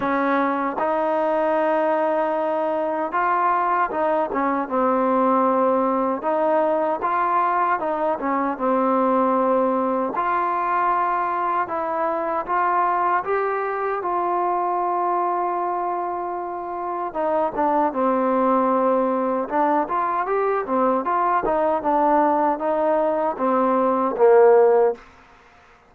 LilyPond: \new Staff \with { instrumentName = "trombone" } { \time 4/4 \tempo 4 = 77 cis'4 dis'2. | f'4 dis'8 cis'8 c'2 | dis'4 f'4 dis'8 cis'8 c'4~ | c'4 f'2 e'4 |
f'4 g'4 f'2~ | f'2 dis'8 d'8 c'4~ | c'4 d'8 f'8 g'8 c'8 f'8 dis'8 | d'4 dis'4 c'4 ais4 | }